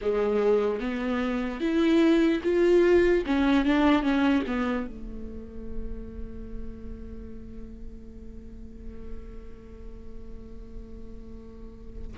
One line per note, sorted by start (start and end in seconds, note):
0.01 0.80 G#3
0.80 1.60 B3
1.60 2.41 E4
2.43 3.24 F4
3.25 3.65 C#4
3.65 4.02 D4
4.02 4.43 C#4
4.46 4.87 B3
4.87 12.17 A3